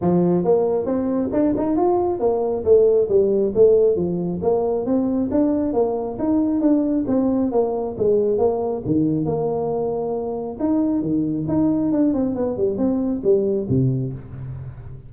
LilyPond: \new Staff \with { instrumentName = "tuba" } { \time 4/4 \tempo 4 = 136 f4 ais4 c'4 d'8 dis'8 | f'4 ais4 a4 g4 | a4 f4 ais4 c'4 | d'4 ais4 dis'4 d'4 |
c'4 ais4 gis4 ais4 | dis4 ais2. | dis'4 dis4 dis'4 d'8 c'8 | b8 g8 c'4 g4 c4 | }